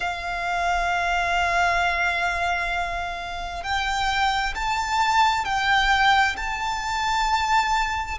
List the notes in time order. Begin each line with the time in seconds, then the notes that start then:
0.00 F5
3.63 G5
4.55 A5
5.45 G5
6.36 A5